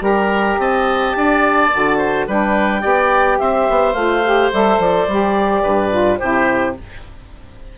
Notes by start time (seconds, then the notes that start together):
0.00 G3 G4 A#4 A#5
0.58 C4 D#5 A5
1.15 D4 D5
1.72 D3 F#4
1.98 C5
2.27 G3 D4 B4 G5
2.80 B3 G4 D5
3.39 C4 C5 E5
3.69 B3
3.93 A3 F4 F5
4.24 G4
4.53 G3 A4 E5
4.78 F3 D5
5.07 G3 G4
5.62 G2 B4
5.91 F4
6.17 C3 E4 G4 C5